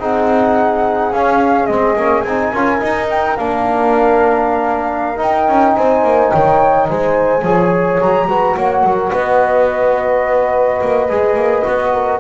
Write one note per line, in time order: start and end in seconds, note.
0.00 1.12 C4
0.00 1.13 D#4
0.00 2.53 G#4
0.00 1.13 F#5
1.12 1.68 C#4
1.12 1.69 C#4
1.12 1.66 F5
1.66 1.96 G#3
1.66 1.97 C4
1.66 2.21 D#5
1.97 2.24 A#3
1.97 2.26 C#4
2.21 2.52 C4
2.21 3.06 G#5
2.29 2.55 D#4
2.53 2.82 C#4
2.53 2.80 F4
2.53 5.75 A#4
2.80 3.36 D#4
2.80 3.39 D#4
3.10 3.37 G5
3.37 5.20 A#3
3.37 5.16 D4
3.37 5.19 F5
5.16 7.40 D#4
5.16 5.48 D#4
5.22 5.76 G5
5.48 5.76 C#4
5.76 6.04 C4
5.76 6.32 C5
5.76 6.31 G#5
6.04 6.32 A#3
6.31 6.90 D#3
6.31 6.88 C#5
6.31 6.87 G5
6.89 7.42 G#3
6.89 7.44 C5
6.89 8.01 G#5
7.42 7.98 F3
7.42 8.29 G#4
7.42 8.28 C#5
8.01 8.27 F#3
8.01 8.57 A#5
8.27 8.55 G#3
8.27 11.09 F#4
8.27 8.56 B4
8.56 8.84 A#3
8.56 8.84 C#5
8.56 9.13 F#5
8.84 9.12 F#3
8.84 9.12 A#4
9.12 10.81 B3
9.12 11.93 B4
9.12 12.20 D#5
10.81 11.09 A#3
11.09 11.35 G#3
11.09 11.65 G#4
11.35 11.63 A#3
11.65 12.20 B3
11.65 12.20 F#4
11.93 12.20 A#4